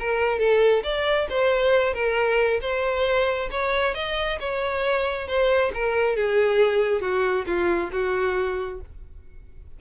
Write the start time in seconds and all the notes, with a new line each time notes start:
0.00 A#4
0.39 A4
0.84 D5
1.30 C5
1.94 A#4
2.61 C5
3.51 C#5
3.95 D#5
4.40 C#5
5.28 C5
5.75 A#4
6.16 G#4
7.01 F#4
7.47 F4
7.92 F#4